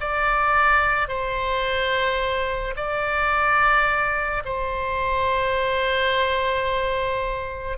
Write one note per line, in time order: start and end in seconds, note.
0.00 1.08 D5
1.08 2.74 C5
2.76 4.43 D5
4.45 7.78 C5